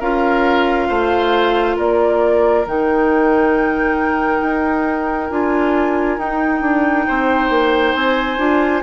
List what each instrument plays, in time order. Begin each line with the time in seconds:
0.00 bassoon C#4, clarinet F4, oboe A#4, flute F5
0.89 bassoon A3, oboe C5
1.76 bassoon A#3, oboe A#4, flute D5
2.66 bassoon D#3, clarinet D#4, flute G5
4.42 bassoon D#4
5.31 bassoon D4, clarinet F4, flute G#5
6.18 bassoon D#4, clarinet D#4, flute G5
6.62 bassoon D4
7.08 bassoon C4, oboe C5
7.50 bassoon A#3
7.95 bassoon C4, flute G#5
8.38 bassoon D4, clarinet F4